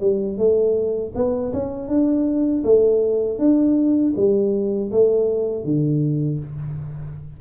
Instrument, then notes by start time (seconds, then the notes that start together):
tuba
0.00 G3
0.38 A3
1.15 B3
1.53 C#4
1.88 D4
2.64 A3
3.38 D4
4.16 G3
4.91 A3
5.64 D3